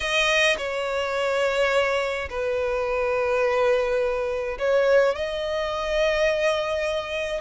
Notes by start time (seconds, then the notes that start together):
0.00 D#5
0.57 C#5
2.29 B4
4.58 C#5
5.15 D#5